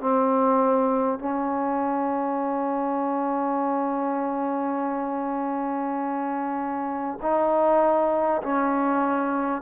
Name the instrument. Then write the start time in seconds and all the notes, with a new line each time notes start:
trombone
0.00 C4
1.19 C#4
7.22 D#4
8.42 C#4